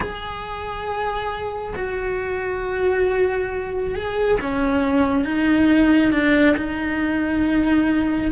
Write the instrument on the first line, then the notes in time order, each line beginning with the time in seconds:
cello
0.00 G#4
1.76 F#4
3.94 G#4
4.40 C#4
5.25 D#4
6.11 D4
6.57 D#4